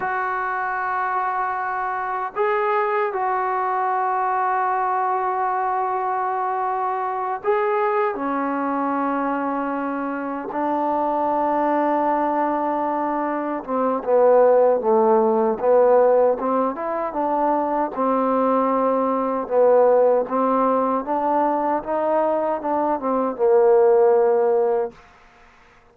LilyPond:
\new Staff \with { instrumentName = "trombone" } { \time 4/4 \tempo 4 = 77 fis'2. gis'4 | fis'1~ | fis'4. gis'4 cis'4.~ | cis'4. d'2~ d'8~ |
d'4. c'8 b4 a4 | b4 c'8 e'8 d'4 c'4~ | c'4 b4 c'4 d'4 | dis'4 d'8 c'8 ais2 | }